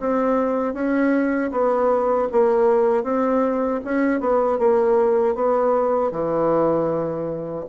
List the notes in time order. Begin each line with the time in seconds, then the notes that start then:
0.00 C4
0.74 C#4
1.52 B3
2.32 A#3
3.03 C4
3.85 C#4
4.20 B3
4.59 A#3
5.35 B3
6.12 E3